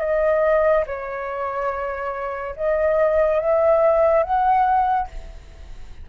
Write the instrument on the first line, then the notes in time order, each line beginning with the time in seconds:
flute
0.00 D#5
0.86 C#5
2.56 D#5
3.40 E5
4.23 F#5